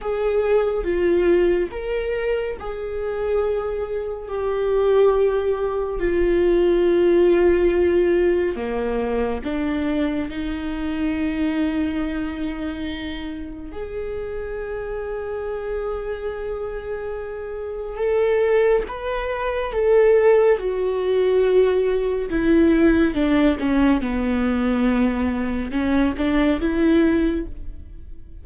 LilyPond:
\new Staff \with { instrumentName = "viola" } { \time 4/4 \tempo 4 = 70 gis'4 f'4 ais'4 gis'4~ | gis'4 g'2 f'4~ | f'2 ais4 d'4 | dis'1 |
gis'1~ | gis'4 a'4 b'4 a'4 | fis'2 e'4 d'8 cis'8 | b2 cis'8 d'8 e'4 | }